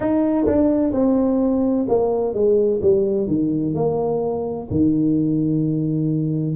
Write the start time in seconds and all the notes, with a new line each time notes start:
0.00 D#4
0.46 D4
0.92 C4
1.88 A#3
2.34 G#3
2.81 G3
3.27 D#3
3.74 A#3
4.70 D#3